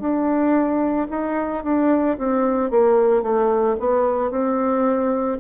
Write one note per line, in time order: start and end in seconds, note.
0.00 1.07 D4
1.11 1.64 D#4
1.64 2.18 D4
2.18 2.71 C4
2.71 3.22 A#3
3.22 3.76 A3
3.80 4.31 B3
4.31 5.38 C4